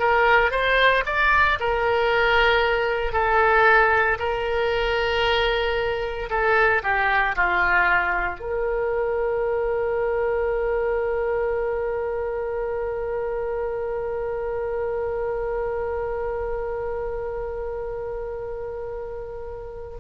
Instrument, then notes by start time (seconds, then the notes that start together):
oboe
0.00 A#4
0.52 C5
1.06 D5
1.60 A#4
3.13 A4
4.20 A#4
6.30 A4
6.83 G4
7.36 F4
8.40 A#4